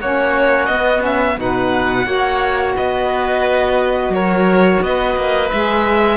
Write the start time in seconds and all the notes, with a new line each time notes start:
0.00 A#3 C#4 F#4 C#5
0.66 B3 D#5
1.00 C#4 E5
1.36 B2 D#4 B4 F#5
2.04 A#3 F#4 C#5
2.75 B3 B4 D#5
4.09 F#3 A#4 C#5
4.82 B3 B4 D#5
5.16 A#3
5.51 G#3 G#4 E5